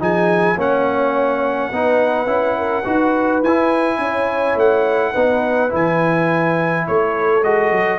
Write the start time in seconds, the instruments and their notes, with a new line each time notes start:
0.00 tuba F3, trombone D#4, horn G#4, trumpet G#5
0.57 tuba A#3, trombone C#4, horn C#5, trumpet F#5
1.72 tuba B3, trombone D#4, horn B4
2.27 tuba C#4, trombone E4
2.58 horn A#4
2.83 tuba D#4, trombone F#4, horn B4
3.43 tuba E4, trombone E4, trumpet G#5
3.98 tuba C#4, horn C#5
4.56 tuba A3, trumpet F#5
5.12 tuba B3, trombone D#4, horn B4
5.70 tuba E3, trombone E4, trumpet G#5
6.87 tuba A3, horn A4, trumpet C#5
7.43 tuba G#3, trombone F#4, trumpet D#5
7.71 tuba F#3